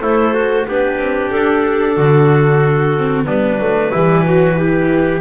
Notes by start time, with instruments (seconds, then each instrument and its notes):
0.00 double bass A3, trumpet E4, viola A4, clarinet C5
0.34 trumpet F#4
0.68 double bass B3, viola D4, trumpet G4, clarinet B4
0.99 double bass C4
1.31 double bass D4, clarinet A4
1.96 double bass D3, trumpet F#4
2.98 viola C4
3.25 double bass G3, viola B3, trumpet D4, clarinet B4
3.58 double bass F#3, viola A3
3.92 double bass E3, viola G3, trumpet E4
4.26 viola F#3, trumpet F#4
4.55 viola E3, trumpet G4